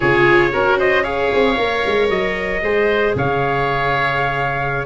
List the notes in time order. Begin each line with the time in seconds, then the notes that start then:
0.00 C#3 F4 G#4 C#5
0.52 C#4 F#4 A#4
0.78 C5 D#5
1.03 G#4 C#5 F5
1.33 C4
1.57 A#3 A#4
1.86 G#3
2.09 F#3 D#5
2.62 G#3 G#4 C5
3.15 C#3 C#5 F5